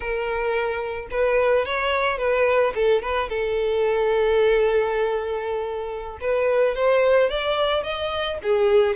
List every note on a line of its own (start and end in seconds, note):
0.00 1.08 A#4
1.10 1.65 B4
1.65 2.18 C#5
2.18 2.73 B4
2.74 3.02 A4
3.02 3.29 B4
3.29 6.18 A4
6.21 6.75 B4
6.75 7.29 C5
7.29 7.83 D5
7.83 8.38 D#5
8.42 8.96 G#4